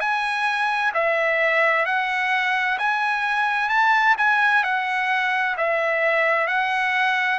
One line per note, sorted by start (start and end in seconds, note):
0.00 0.92 G#5
0.94 1.86 E5
1.86 2.78 F#5
2.79 3.70 G#5
3.70 4.16 A5
4.18 4.64 G#5
4.64 5.56 F#5
5.58 6.47 E5
6.47 7.39 F#5